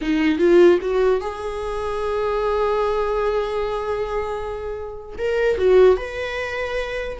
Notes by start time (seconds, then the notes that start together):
0.01 D#4
0.39 F4
0.81 F#4
1.20 G#4
5.17 A#4
5.58 F#4
5.96 B4